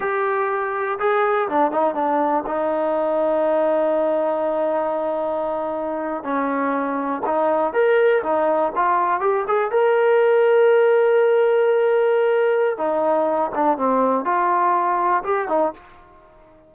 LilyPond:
\new Staff \with { instrumentName = "trombone" } { \time 4/4 \tempo 4 = 122 g'2 gis'4 d'8 dis'8 | d'4 dis'2.~ | dis'1~ | dis'8. cis'2 dis'4 ais'16~ |
ais'8. dis'4 f'4 g'8 gis'8 ais'16~ | ais'1~ | ais'2 dis'4. d'8 | c'4 f'2 g'8 dis'8 | }